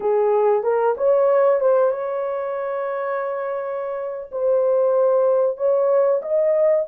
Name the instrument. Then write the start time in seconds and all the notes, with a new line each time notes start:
horn
0.00 G#4
0.63 A#4
0.97 C#5
1.60 C5
1.91 C#5
4.31 C5
5.57 C#5
6.21 D#5